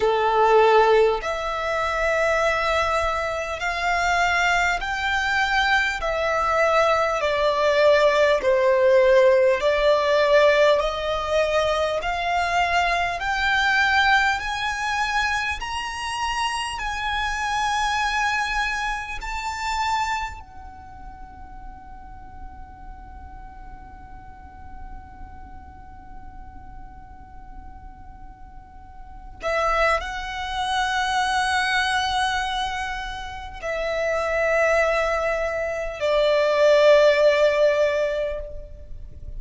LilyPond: \new Staff \with { instrumentName = "violin" } { \time 4/4 \tempo 4 = 50 a'4 e''2 f''4 | g''4 e''4 d''4 c''4 | d''4 dis''4 f''4 g''4 | gis''4 ais''4 gis''2 |
a''4 fis''2.~ | fis''1~ | fis''8 e''8 fis''2. | e''2 d''2 | }